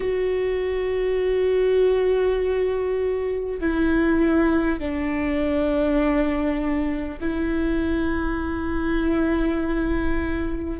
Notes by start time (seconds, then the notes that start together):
0.00 F#4
3.59 E4
4.79 D4
7.20 E4